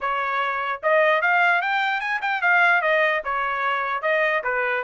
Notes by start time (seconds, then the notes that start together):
0.00 C#5
0.82 D#5
1.21 F5
1.61 G5
2.00 G#5
2.21 G5
2.41 F5
2.81 D#5
3.24 C#5
4.02 D#5
4.43 B4